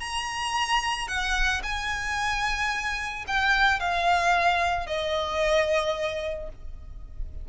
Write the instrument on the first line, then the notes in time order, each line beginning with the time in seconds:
violin
0.00 A#5
1.08 F#5
1.63 G#5
3.28 G5
3.80 F5
4.87 D#5